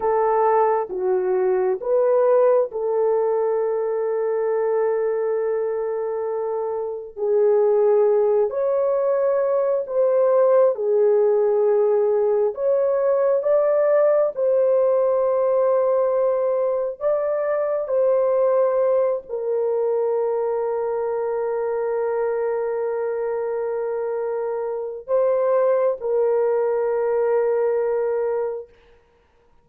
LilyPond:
\new Staff \with { instrumentName = "horn" } { \time 4/4 \tempo 4 = 67 a'4 fis'4 b'4 a'4~ | a'1 | gis'4. cis''4. c''4 | gis'2 cis''4 d''4 |
c''2. d''4 | c''4. ais'2~ ais'8~ | ais'1 | c''4 ais'2. | }